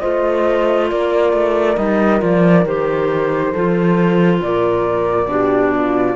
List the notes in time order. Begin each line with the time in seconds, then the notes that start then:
0.00 A3 F4 C5 D#5
0.90 A#3 A#4 D5
1.33 A3
1.76 G3 D#4 D#5
2.19 F3 F4 D5
2.65 D#3 G4 C5
3.52 F3 F4 A4
4.41 A#2 A#4 D5
5.26 B2 D4 G4
5.76 F4